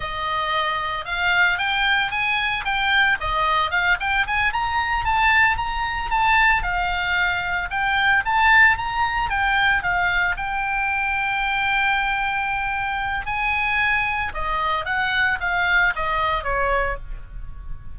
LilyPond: \new Staff \with { instrumentName = "oboe" } { \time 4/4 \tempo 4 = 113 dis''2 f''4 g''4 | gis''4 g''4 dis''4 f''8 g''8 | gis''8 ais''4 a''4 ais''4 a''8~ | a''8 f''2 g''4 a''8~ |
a''8 ais''4 g''4 f''4 g''8~ | g''1~ | g''4 gis''2 dis''4 | fis''4 f''4 dis''4 cis''4 | }